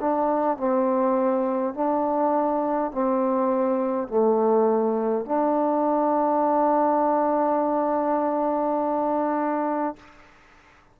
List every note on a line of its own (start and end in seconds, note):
0.00 0.57 D4
0.57 1.73 C4
1.73 2.91 D4
2.91 4.07 C4
4.07 5.25 A3
5.25 9.96 D4